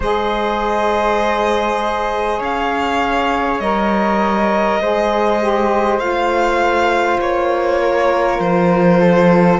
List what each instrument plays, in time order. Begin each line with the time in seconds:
0.00 cello G#3, saxophone G#4, flute C5, violin D#5
2.38 cello C#4, flute C#5, violin F5
3.60 cello G3, saxophone A#4, violin D#5
4.80 cello G#3, saxophone G#4, flute C5
5.40 saxophone G4
5.98 cello A3, saxophone F4, violin F5
7.19 cello A#3, violin C#5
7.81 flute A#4
8.39 cello F3, violin C5
9.00 flute A4